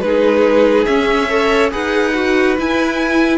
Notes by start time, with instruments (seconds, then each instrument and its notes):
0.00 cello G#3, viola D#4, violin G#4 B4
0.85 viola C#4, cello C#4, violin E5
1.29 viola A4, violin C#5
1.71 cello D#4, viola G#4, violin B4 F#5
2.14 viola F#4
2.57 viola E4, cello E4, violin G#5